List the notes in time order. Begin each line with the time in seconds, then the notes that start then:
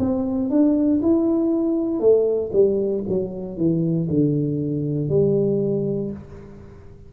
0.00 C4
0.50 D4
1.02 E4
2.00 A3
2.53 G3
3.09 F#3
3.58 E3
4.10 D3
5.09 G3